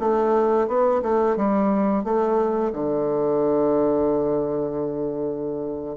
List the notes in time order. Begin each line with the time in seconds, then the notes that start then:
0.00 A3
0.68 B3
1.03 A3
1.37 G3
2.05 A3
2.73 D3